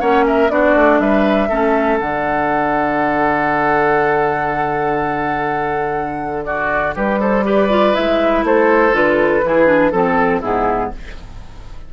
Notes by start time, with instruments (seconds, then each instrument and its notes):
0.00 bassoon A#3, clarinet C#4, oboe C#5, flute F#5
0.27 oboe A#4, flute E5
0.50 bassoon B3, clarinet D4, oboe F#4, flute D5
0.75 bassoon A3
1.00 bassoon G3, oboe B4, flute E5
1.49 bassoon A3, clarinet C#4, oboe A4
1.99 bassoon D3, clarinet D4, flute F#5
6.44 oboe F#4, flute D5
6.95 bassoon G3, oboe G4, flute B4
7.19 oboe A4, flute C5
7.44 clarinet G4, oboe B4, flute D5
7.69 clarinet F4
7.93 bassoon G#3, clarinet E4, flute E5
8.43 bassoon A3, oboe A4, flute C5
8.93 bassoon D3, clarinet F4, flute B4
9.44 bassoon E3, clarinet E4, oboe G#4
9.66 clarinet D4
9.91 bassoon F3, clarinet C4, oboe A4, flute A4
10.40 bassoon G#2, clarinet B3, oboe E4, flute G#4